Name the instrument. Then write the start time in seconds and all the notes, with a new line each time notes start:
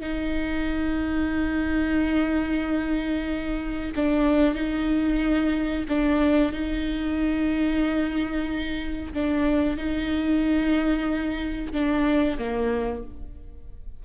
viola
0.00 D#4
3.96 D4
4.54 D#4
5.88 D4
6.52 D#4
9.14 D4
9.77 D#4
11.72 D4
12.38 A#3